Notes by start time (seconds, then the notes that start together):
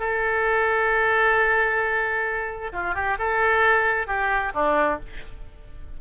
0.00 A4
2.73 F4
2.95 G4
3.19 A4
4.07 G4
4.55 D4